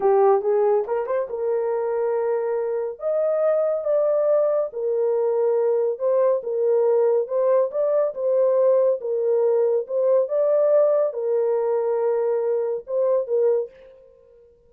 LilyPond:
\new Staff \with { instrumentName = "horn" } { \time 4/4 \tempo 4 = 140 g'4 gis'4 ais'8 c''8 ais'4~ | ais'2. dis''4~ | dis''4 d''2 ais'4~ | ais'2 c''4 ais'4~ |
ais'4 c''4 d''4 c''4~ | c''4 ais'2 c''4 | d''2 ais'2~ | ais'2 c''4 ais'4 | }